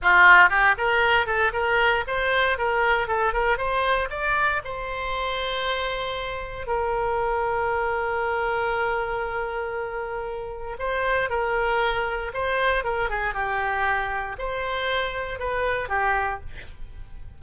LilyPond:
\new Staff \with { instrumentName = "oboe" } { \time 4/4 \tempo 4 = 117 f'4 g'8 ais'4 a'8 ais'4 | c''4 ais'4 a'8 ais'8 c''4 | d''4 c''2.~ | c''4 ais'2.~ |
ais'1~ | ais'4 c''4 ais'2 | c''4 ais'8 gis'8 g'2 | c''2 b'4 g'4 | }